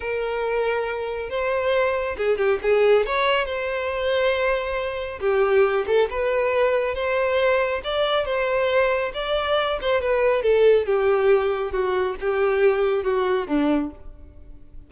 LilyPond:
\new Staff \with { instrumentName = "violin" } { \time 4/4 \tempo 4 = 138 ais'2. c''4~ | c''4 gis'8 g'8 gis'4 cis''4 | c''1 | g'4. a'8 b'2 |
c''2 d''4 c''4~ | c''4 d''4. c''8 b'4 | a'4 g'2 fis'4 | g'2 fis'4 d'4 | }